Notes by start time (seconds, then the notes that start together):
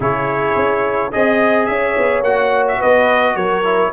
0.00 C#3 E4 G#4 C#5
0.55 C#4
1.12 C4 G#4 D#5
1.66 C#4 C#5 E5
1.97 B3
2.21 A#3 F#4 F#5
2.68 E5
2.78 B3 B4 D#5
3.35 F#3 A#4 C#5
3.64 E4